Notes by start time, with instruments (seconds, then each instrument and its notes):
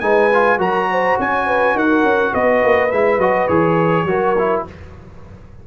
0.00 tuba G#3, trombone D#4, horn B4, trumpet G#5
0.33 trombone F4
0.58 tuba F#3, trombone F#4, horn A#4, trumpet A#5
0.91 horn C5
1.19 tuba C#4, horn C#5, trumpet G#5
1.47 horn B4
1.75 tuba D#4, horn A#4, trumpet F#5
2.03 tuba C#4
2.33 tuba B3, horn B4, trumpet D#5
2.63 tuba A#3
2.91 tuba G#3, trombone E4, trumpet E5
3.18 tuba F#3, trombone F#4, trumpet D#5
3.47 tuba E3, trombone G#4, trumpet C#5
4.04 tuba F#3, trombone F#4, horn A#4
4.38 trombone E4